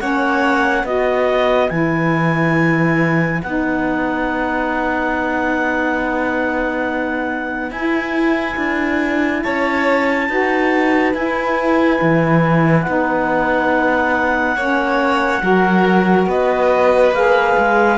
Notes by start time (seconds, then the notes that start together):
0.00 A#3 C#4 C#5 F#5
0.84 B3 F#4 B4 D#5
1.70 E3 E4 G#5
3.43 B3 D#4 F#5
7.71 E4 G#5
8.57 D4
9.42 C#4 C#5 A5
10.28 D#4 F#4 B4
11.14 E4 G#5
12.02 E3
12.82 B3 D#4 F#5
14.56 A#3 C#4 C#5
15.41 F#3 F#4 A#4
16.27 B3 B4 D#5
17.11 A#3 G#4 F5
17.58 G#3